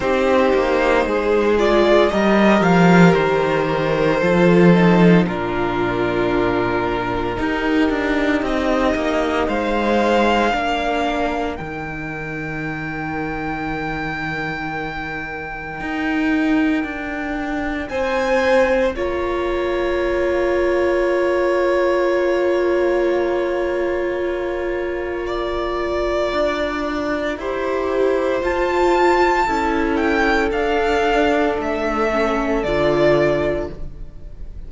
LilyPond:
<<
  \new Staff \with { instrumentName = "violin" } { \time 4/4 \tempo 4 = 57 c''4. d''8 dis''8 f''8 c''4~ | c''4 ais'2. | dis''4 f''2 g''4~ | g''1~ |
g''4 gis''4 ais''2~ | ais''1~ | ais''2. a''4~ | a''8 g''8 f''4 e''4 d''4 | }
  \new Staff \with { instrumentName = "violin" } { \time 4/4 g'4 gis'4 ais'2 | a'4 f'2 g'4~ | g'4 c''4 ais'2~ | ais'1~ |
ais'4 c''4 cis''2~ | cis''1 | d''2 c''2 | a'1 | }
  \new Staff \with { instrumentName = "viola" } { \time 4/4 dis'4. f'8 g'2 | f'8 dis'8 d'2 dis'4~ | dis'2 d'4 dis'4~ | dis'1~ |
dis'2 f'2~ | f'1~ | f'2 g'4 f'4 | e'4 d'4. cis'8 f'4 | }
  \new Staff \with { instrumentName = "cello" } { \time 4/4 c'8 ais8 gis4 g8 f8 dis4 | f4 ais,2 dis'8 d'8 | c'8 ais8 gis4 ais4 dis4~ | dis2. dis'4 |
d'4 c'4 ais2~ | ais1~ | ais4 d'4 e'4 f'4 | cis'4 d'4 a4 d4 | }
>>